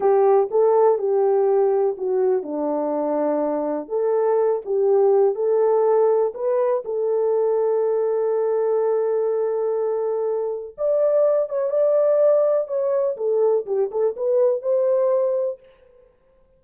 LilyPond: \new Staff \with { instrumentName = "horn" } { \time 4/4 \tempo 4 = 123 g'4 a'4 g'2 | fis'4 d'2. | a'4. g'4. a'4~ | a'4 b'4 a'2~ |
a'1~ | a'2 d''4. cis''8 | d''2 cis''4 a'4 | g'8 a'8 b'4 c''2 | }